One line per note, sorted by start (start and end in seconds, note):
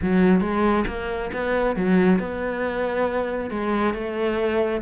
0.02 0.40 F#3
0.40 0.84 G#3
0.87 1.31 A#3
1.33 1.75 B3
1.75 2.19 F#3
2.19 3.50 B3
3.50 3.93 G#3
3.93 4.81 A3